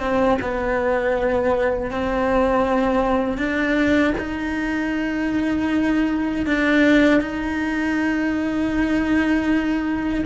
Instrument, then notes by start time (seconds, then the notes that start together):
cello
0.00 C4
0.42 B3
1.91 C4
3.38 D4
4.18 D#4
6.46 D4
7.21 D#4